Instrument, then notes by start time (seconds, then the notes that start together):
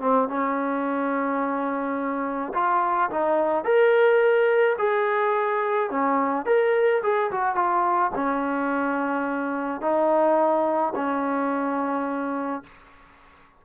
trombone
0.00 C4
0.28 C#4
2.54 F4
3.10 D#4
3.64 A#4
4.78 G#4
5.90 C#4
6.45 A#4
7.02 G#4
7.31 F#4
7.55 F4
8.15 C#4
9.81 D#4
10.95 C#4